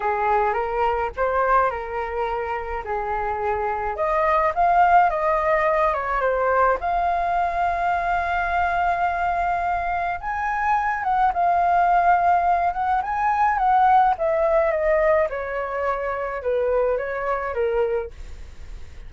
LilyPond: \new Staff \with { instrumentName = "flute" } { \time 4/4 \tempo 4 = 106 gis'4 ais'4 c''4 ais'4~ | ais'4 gis'2 dis''4 | f''4 dis''4. cis''8 c''4 | f''1~ |
f''2 gis''4. fis''8 | f''2~ f''8 fis''8 gis''4 | fis''4 e''4 dis''4 cis''4~ | cis''4 b'4 cis''4 ais'4 | }